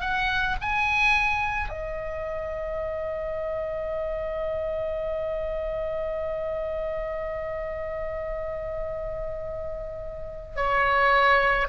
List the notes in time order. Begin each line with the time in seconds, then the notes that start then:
0.00 F#5
0.61 G#5
1.69 D#5
10.56 C#5